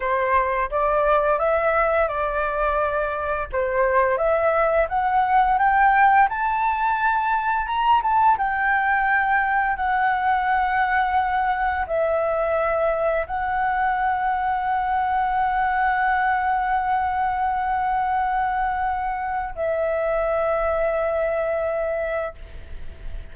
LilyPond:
\new Staff \with { instrumentName = "flute" } { \time 4/4 \tempo 4 = 86 c''4 d''4 e''4 d''4~ | d''4 c''4 e''4 fis''4 | g''4 a''2 ais''8 a''8 | g''2 fis''2~ |
fis''4 e''2 fis''4~ | fis''1~ | fis''1 | e''1 | }